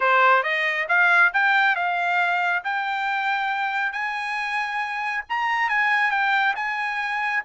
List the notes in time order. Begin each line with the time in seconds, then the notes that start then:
0.00 C5
0.43 D#5
0.88 F5
1.33 G5
1.75 F5
2.64 G5
3.92 G#5
5.29 A#5
5.69 G#5
6.10 G5
6.55 G#5